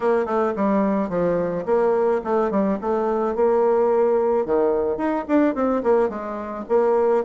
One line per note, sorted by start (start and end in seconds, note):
0.00 0.25 A#3
0.25 0.53 A3
0.56 1.09 G3
1.09 1.64 F3
1.65 2.21 A#3
2.24 2.50 A3
2.50 2.78 G3
2.81 3.35 A3
3.35 4.45 A#3
4.45 4.97 D#3
4.97 5.24 D#4
5.28 5.54 D4
5.54 5.82 C4
5.83 6.09 A#3
6.09 6.64 G#3
6.68 7.24 A#3